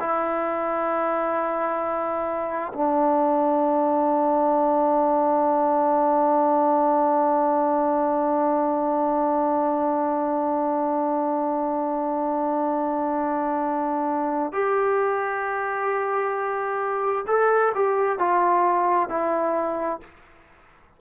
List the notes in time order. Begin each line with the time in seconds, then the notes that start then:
0.00 E4
2.74 D4
14.53 G4
17.28 A4
17.75 G4
18.19 F4
19.10 E4